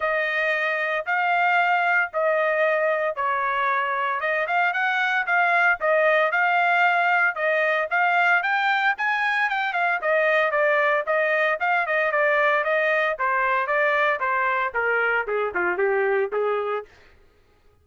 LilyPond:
\new Staff \with { instrumentName = "trumpet" } { \time 4/4 \tempo 4 = 114 dis''2 f''2 | dis''2 cis''2 | dis''8 f''8 fis''4 f''4 dis''4 | f''2 dis''4 f''4 |
g''4 gis''4 g''8 f''8 dis''4 | d''4 dis''4 f''8 dis''8 d''4 | dis''4 c''4 d''4 c''4 | ais'4 gis'8 f'8 g'4 gis'4 | }